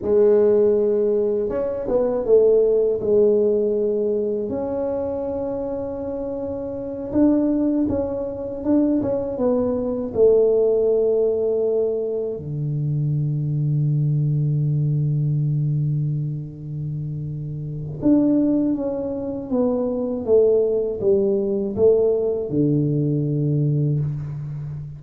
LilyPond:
\new Staff \with { instrumentName = "tuba" } { \time 4/4 \tempo 4 = 80 gis2 cis'8 b8 a4 | gis2 cis'2~ | cis'4. d'4 cis'4 d'8 | cis'8 b4 a2~ a8~ |
a8 d2.~ d8~ | d1 | d'4 cis'4 b4 a4 | g4 a4 d2 | }